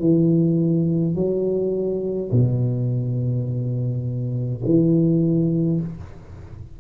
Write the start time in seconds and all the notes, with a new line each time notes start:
0.00 E3
1.15 F#3
2.32 B2
4.65 E3